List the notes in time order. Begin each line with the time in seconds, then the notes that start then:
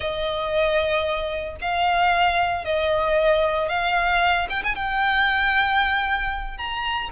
0.00 D#5
1.61 F5
2.64 D#5
3.68 F5
4.49 G5
4.63 G#5
4.75 G5
6.57 A#5